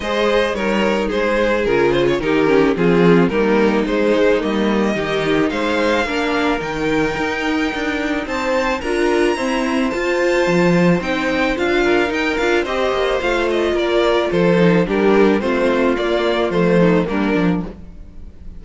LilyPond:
<<
  \new Staff \with { instrumentName = "violin" } { \time 4/4 \tempo 4 = 109 dis''4 cis''4 c''4 ais'8 c''16 cis''16 | ais'4 gis'4 ais'4 c''4 | dis''2 f''2 | g''2. a''4 |
ais''2 a''2 | g''4 f''4 g''8 f''8 dis''4 | f''8 dis''8 d''4 c''4 ais'4 | c''4 d''4 c''4 ais'4 | }
  \new Staff \with { instrumentName = "violin" } { \time 4/4 c''4 ais'4 gis'2 | g'4 f'4 dis'2~ | dis'4 g'4 c''4 ais'4~ | ais'2. c''4 |
ais'4 c''2.~ | c''4. ais'4. c''4~ | c''4 ais'4 a'4 g'4 | f'2~ f'8 dis'8 d'4 | }
  \new Staff \with { instrumentName = "viola" } { \time 4/4 gis'4 dis'2 f'4 | dis'8 cis'8 c'4 ais4 gis4 | ais4 dis'2 d'4 | dis'1 |
f'4 c'4 f'2 | dis'4 f'4 dis'8 f'8 g'4 | f'2~ f'8 dis'8 d'4 | c'4 ais4 a4 ais8 d'8 | }
  \new Staff \with { instrumentName = "cello" } { \time 4/4 gis4 g4 gis4 cis4 | dis4 f4 g4 gis4 | g4 dis4 gis4 ais4 | dis4 dis'4 d'4 c'4 |
d'4 e'4 f'4 f4 | c'4 d'4 dis'8 d'8 c'8 ais8 | a4 ais4 f4 g4 | a4 ais4 f4 g8 f8 | }
>>